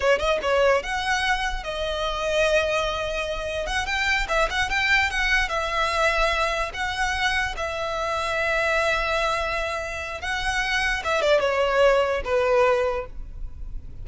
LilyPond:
\new Staff \with { instrumentName = "violin" } { \time 4/4 \tempo 4 = 147 cis''8 dis''8 cis''4 fis''2 | dis''1~ | dis''4 fis''8 g''4 e''8 fis''8 g''8~ | g''8 fis''4 e''2~ e''8~ |
e''8 fis''2 e''4.~ | e''1~ | e''4 fis''2 e''8 d''8 | cis''2 b'2 | }